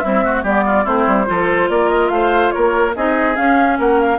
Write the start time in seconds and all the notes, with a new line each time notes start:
0.00 G3 C4 E4 E5
0.24 A3 F#4
0.44 G3 B3 G4 D5
0.66 F4
0.84 A3 C4 E4 C5
1.07 G3
1.26 F3 F4 A4
1.70 A#3 A#4 D5
1.90 D#5
2.10 A3 C5 F5
2.51 A#4 C#5
2.57 A#3
2.96 C4 D#4 G#4 D#5
3.36 C#4 F5
3.79 A#3 A#4 F#5
4.00 F5